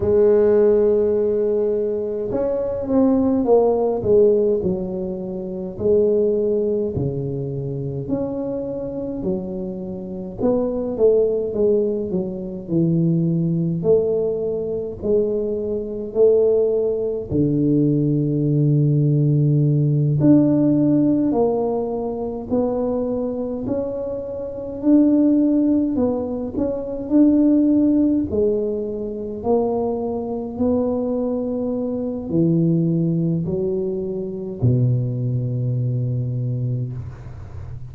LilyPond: \new Staff \with { instrumentName = "tuba" } { \time 4/4 \tempo 4 = 52 gis2 cis'8 c'8 ais8 gis8 | fis4 gis4 cis4 cis'4 | fis4 b8 a8 gis8 fis8 e4 | a4 gis4 a4 d4~ |
d4. d'4 ais4 b8~ | b8 cis'4 d'4 b8 cis'8 d'8~ | d'8 gis4 ais4 b4. | e4 fis4 b,2 | }